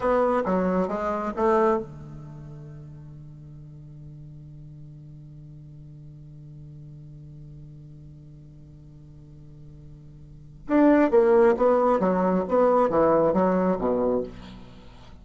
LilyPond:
\new Staff \with { instrumentName = "bassoon" } { \time 4/4 \tempo 4 = 135 b4 fis4 gis4 a4 | d1~ | d1~ | d1~ |
d1~ | d1 | d'4 ais4 b4 fis4 | b4 e4 fis4 b,4 | }